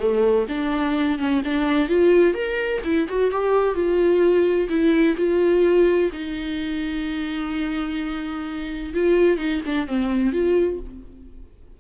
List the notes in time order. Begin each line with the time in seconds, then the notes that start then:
0.00 A3
0.49 D4
1.19 C#4
1.45 D4
1.89 F4
2.35 A#4
2.85 E4
3.09 F#4
3.31 G4
3.75 F4
4.69 E4
5.17 F4
6.13 D#4
8.94 F4
9.38 D#4
9.66 D4
9.88 C4
10.33 F4